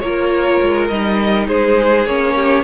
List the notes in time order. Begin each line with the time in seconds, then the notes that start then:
0.00 A#3 F4 A#4 C#5
0.62 G#3
0.89 G3 D#4 D#5
1.48 G#3 G#4 C5
2.06 A#3 C#4 C#5
2.36 G4